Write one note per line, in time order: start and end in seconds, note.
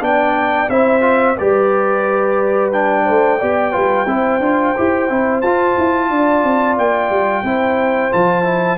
0.00 0.68 B3
0.00 0.67 D4
0.00 0.70 D5
0.00 0.69 G5
0.69 1.36 C4
0.69 1.01 E4
0.69 1.37 C5
0.69 1.37 E5
1.01 1.35 F4
1.38 3.08 G3
1.38 2.72 G4
1.38 3.04 B4
1.38 2.72 D5
2.72 3.40 D4
2.72 5.41 G5
3.04 3.42 A3
3.04 3.38 C5
3.38 3.75 B3
3.38 3.72 G4
3.38 3.72 D5
3.72 4.05 G3
3.72 4.06 F4
3.72 4.06 B4
4.05 4.39 C4
4.05 4.41 E4
4.05 6.10 C5
4.39 4.73 D4
4.39 4.75 F4
4.77 5.10 E4
4.77 5.09 G4
5.09 5.42 C4
5.09 5.43 E4
5.41 5.76 F4
5.41 7.45 F4
5.41 6.76 A5
5.78 6.10 E4
6.10 6.44 D4
6.10 7.44 D5
6.44 6.77 C4
6.78 7.10 A#3
6.78 8.12 G5
7.10 7.43 G3
7.43 8.11 C4
7.43 8.11 E4
7.43 8.78 C5
8.11 8.78 F3
8.11 8.44 F4
8.11 8.78 A5
8.44 8.78 E4